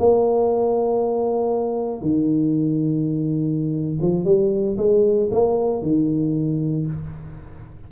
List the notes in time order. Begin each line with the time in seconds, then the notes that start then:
0.00 A#3
2.02 D#3
4.02 F3
4.25 G3
4.78 G#3
5.32 A#3
5.83 D#3